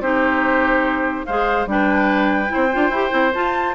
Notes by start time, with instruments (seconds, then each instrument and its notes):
0.00 bassoon C4, clarinet D#4, oboe G4, flute C5
1.26 bassoon G#3, clarinet G#4, oboe C5, flute F5
1.66 bassoon G3, clarinet D4, oboe B4, flute G5
2.47 clarinet E4, oboe C5
2.55 bassoon C4
2.72 bassoon D4, clarinet F4
2.90 bassoon E4, clarinet G4
3.10 bassoon C4, clarinet E4
3.34 bassoon F4, clarinet F4, flute A5